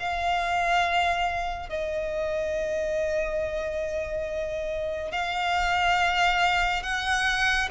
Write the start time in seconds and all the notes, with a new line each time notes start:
0.00 F5
1.69 D#5
5.12 F5
6.83 F#5